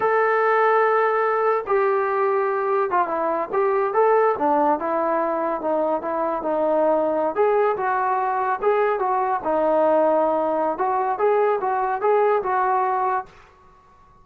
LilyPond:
\new Staff \with { instrumentName = "trombone" } { \time 4/4 \tempo 4 = 145 a'1 | g'2. f'8 e'8~ | e'8 g'4 a'4 d'4 e'8~ | e'4. dis'4 e'4 dis'8~ |
dis'4.~ dis'16 gis'4 fis'4~ fis'16~ | fis'8. gis'4 fis'4 dis'4~ dis'16~ | dis'2 fis'4 gis'4 | fis'4 gis'4 fis'2 | }